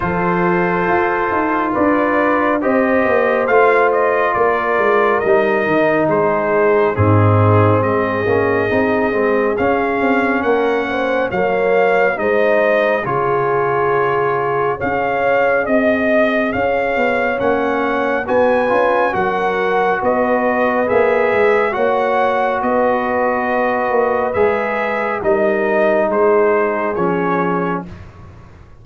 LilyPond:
<<
  \new Staff \with { instrumentName = "trumpet" } { \time 4/4 \tempo 4 = 69 c''2 d''4 dis''4 | f''8 dis''8 d''4 dis''4 c''4 | gis'4 dis''2 f''4 | fis''4 f''4 dis''4 cis''4~ |
cis''4 f''4 dis''4 f''4 | fis''4 gis''4 fis''4 dis''4 | e''4 fis''4 dis''2 | e''4 dis''4 c''4 cis''4 | }
  \new Staff \with { instrumentName = "horn" } { \time 4/4 a'2 b'4 c''4~ | c''4 ais'2 gis'4 | dis'4 gis'2. | ais'8 c''8 cis''4 c''4 gis'4~ |
gis'4 cis''4 dis''4 cis''4~ | cis''4 b'4 ais'4 b'4~ | b'4 cis''4 b'2~ | b'4 ais'4 gis'2 | }
  \new Staff \with { instrumentName = "trombone" } { \time 4/4 f'2. g'4 | f'2 dis'2 | c'4. cis'8 dis'8 c'8 cis'4~ | cis'4 ais4 dis'4 f'4~ |
f'4 gis'2. | cis'4 fis'8 f'8 fis'2 | gis'4 fis'2. | gis'4 dis'2 cis'4 | }
  \new Staff \with { instrumentName = "tuba" } { \time 4/4 f4 f'8 dis'8 d'4 c'8 ais8 | a4 ais8 gis8 g8 dis8 gis4 | gis,4 gis8 ais8 c'8 gis8 cis'8 c'8 | ais4 fis4 gis4 cis4~ |
cis4 cis'4 c'4 cis'8 b8 | ais4 b8 cis'8 fis4 b4 | ais8 gis8 ais4 b4. ais8 | gis4 g4 gis4 f4 | }
>>